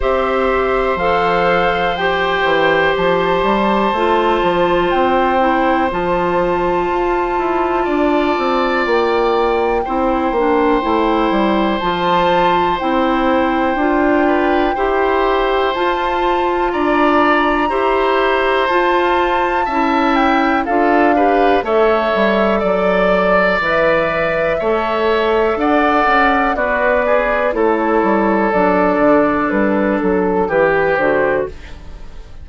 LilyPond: <<
  \new Staff \with { instrumentName = "flute" } { \time 4/4 \tempo 4 = 61 e''4 f''4 g''4 a''4~ | a''4 g''4 a''2~ | a''4 g''2. | a''4 g''2. |
a''4 ais''2 a''4~ | a''8 g''8 f''4 e''4 d''4 | e''2 fis''4 d''4 | cis''4 d''4 b'8 a'8 b'8 c''8 | }
  \new Staff \with { instrumentName = "oboe" } { \time 4/4 c''1~ | c''1 | d''2 c''2~ | c''2~ c''8 b'8 c''4~ |
c''4 d''4 c''2 | e''4 a'8 b'8 cis''4 d''4~ | d''4 cis''4 d''4 fis'8 gis'8 | a'2. g'4 | }
  \new Staff \with { instrumentName = "clarinet" } { \time 4/4 g'4 a'4 g'2 | f'4. e'8 f'2~ | f'2 e'8 d'8 e'4 | f'4 e'4 f'4 g'4 |
f'2 g'4 f'4 | e'4 f'8 g'8 a'2 | b'4 a'2 b'4 | e'4 d'2 g'8 fis'8 | }
  \new Staff \with { instrumentName = "bassoon" } { \time 4/4 c'4 f4. e8 f8 g8 | a8 f8 c'4 f4 f'8 e'8 | d'8 c'8 ais4 c'8 ais8 a8 g8 | f4 c'4 d'4 e'4 |
f'4 d'4 e'4 f'4 | cis'4 d'4 a8 g8 fis4 | e4 a4 d'8 cis'8 b4 | a8 g8 fis8 d8 g8 fis8 e8 d8 | }
>>